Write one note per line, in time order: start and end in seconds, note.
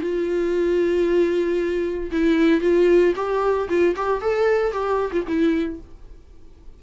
0.00 2.11 F4
2.11 2.61 E4
2.61 3.13 F4
3.16 3.68 G4
3.68 3.95 F4
3.96 4.21 G4
4.21 4.72 A4
4.72 5.11 G4
5.12 5.25 F4
5.27 5.80 E4